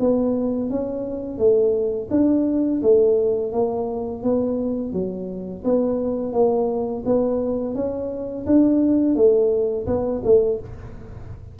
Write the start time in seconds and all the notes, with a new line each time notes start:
0.00 B3
0.70 C#4
1.38 A3
2.11 D4
2.83 A3
3.53 A#3
4.23 B3
4.93 F#3
5.65 B3
6.33 A#3
7.06 B3
7.75 C#4
8.46 D4
9.16 A3
9.87 B3
10.24 A3